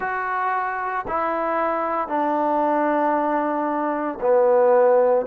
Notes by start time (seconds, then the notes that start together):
0.00 F#4
1.07 E4
2.08 D4
4.21 B3